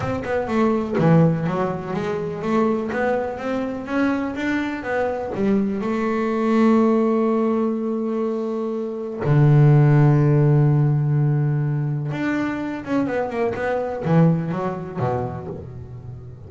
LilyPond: \new Staff \with { instrumentName = "double bass" } { \time 4/4 \tempo 4 = 124 c'8 b8 a4 e4 fis4 | gis4 a4 b4 c'4 | cis'4 d'4 b4 g4 | a1~ |
a2. d4~ | d1~ | d4 d'4. cis'8 b8 ais8 | b4 e4 fis4 b,4 | }